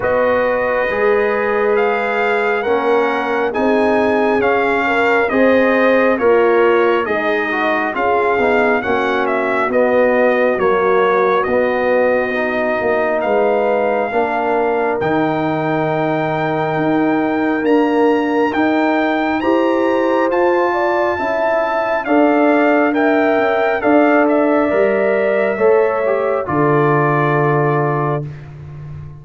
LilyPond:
<<
  \new Staff \with { instrumentName = "trumpet" } { \time 4/4 \tempo 4 = 68 dis''2 f''4 fis''4 | gis''4 f''4 dis''4 cis''4 | dis''4 f''4 fis''8 e''8 dis''4 | cis''4 dis''2 f''4~ |
f''4 g''2. | ais''4 g''4 ais''4 a''4~ | a''4 f''4 g''4 f''8 e''8~ | e''2 d''2 | }
  \new Staff \with { instrumentName = "horn" } { \time 4/4 b'2. ais'4 | gis'4. ais'8 c''4 f'4 | dis'4 gis'4 fis'2~ | fis'2. b'4 |
ais'1~ | ais'2 c''4. d''8 | e''4 d''4 e''4 d''4~ | d''4 cis''4 a'2 | }
  \new Staff \with { instrumentName = "trombone" } { \time 4/4 fis'4 gis'2 cis'4 | dis'4 cis'4 gis'4 ais'4 | gis'8 fis'8 f'8 dis'8 cis'4 b4 | ais4 b4 dis'2 |
d'4 dis'2. | ais4 dis'4 g'4 f'4 | e'4 a'4 ais'4 a'4 | ais'4 a'8 g'8 f'2 | }
  \new Staff \with { instrumentName = "tuba" } { \time 4/4 b4 gis2 ais4 | c'4 cis'4 c'4 ais4 | gis4 cis'8 b8 ais4 b4 | fis4 b4. ais8 gis4 |
ais4 dis2 dis'4 | d'4 dis'4 e'4 f'4 | cis'4 d'4. cis'8 d'4 | g4 a4 d2 | }
>>